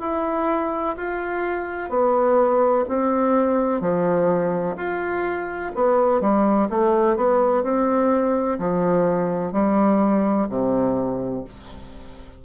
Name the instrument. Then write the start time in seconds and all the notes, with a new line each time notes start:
bassoon
0.00 E4
0.97 F4
1.89 B3
2.88 C4
3.81 F3
4.76 F4
5.75 B3
6.20 G3
6.69 A3
7.16 B3
7.63 C4
8.58 F3
9.52 G3
10.49 C3